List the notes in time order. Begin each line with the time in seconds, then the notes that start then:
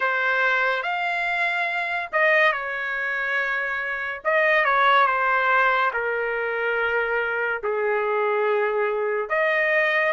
0.00 C5
0.82 F5
2.12 D#5
2.52 C#5
4.24 D#5
4.64 C#5
5.06 C5
5.93 A#4
7.63 G#4
9.29 D#5